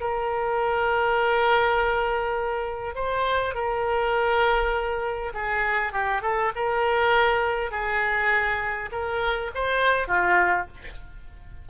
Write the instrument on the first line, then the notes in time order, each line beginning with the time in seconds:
oboe
0.00 A#4
2.95 C5
3.54 A#4
5.34 G#4
5.92 G4
6.22 A4
6.55 A#4
7.71 G#4
8.92 A#4
9.54 C5
10.07 F4